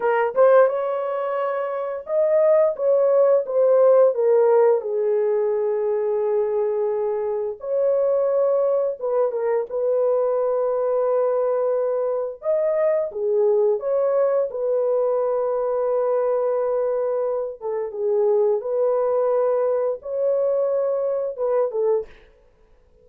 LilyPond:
\new Staff \with { instrumentName = "horn" } { \time 4/4 \tempo 4 = 87 ais'8 c''8 cis''2 dis''4 | cis''4 c''4 ais'4 gis'4~ | gis'2. cis''4~ | cis''4 b'8 ais'8 b'2~ |
b'2 dis''4 gis'4 | cis''4 b'2.~ | b'4. a'8 gis'4 b'4~ | b'4 cis''2 b'8 a'8 | }